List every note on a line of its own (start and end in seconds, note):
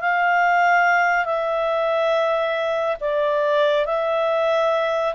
0.00 1.25 F5
1.25 2.96 E5
3.00 3.85 D5
3.85 5.14 E5